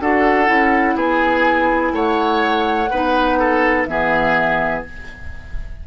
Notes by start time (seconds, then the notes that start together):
0.00 D4 F#4 A4 F#5
0.45 C#4 E4
0.95 B3 G#4 G#5
1.92 A3 C#5 F#5
2.90 B3 D#4 B4
3.39 A4
3.85 E3 B3 G#4 E5